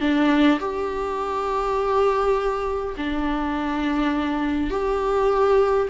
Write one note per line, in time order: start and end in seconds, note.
0.00 0.59 D4
0.59 2.95 G4
2.97 4.70 D4
4.70 5.88 G4